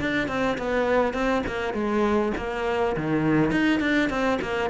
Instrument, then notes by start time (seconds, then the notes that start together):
cello
0.00 D4
0.28 C4
0.58 B3
1.14 C4
1.47 A#3
1.74 G#3
2.37 A#3
2.96 D#3
3.51 D#4
3.80 D4
4.09 C4
4.42 A#3